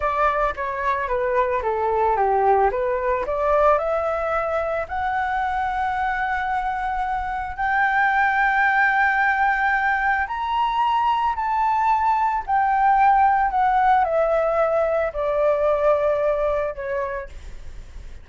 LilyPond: \new Staff \with { instrumentName = "flute" } { \time 4/4 \tempo 4 = 111 d''4 cis''4 b'4 a'4 | g'4 b'4 d''4 e''4~ | e''4 fis''2.~ | fis''2 g''2~ |
g''2. ais''4~ | ais''4 a''2 g''4~ | g''4 fis''4 e''2 | d''2. cis''4 | }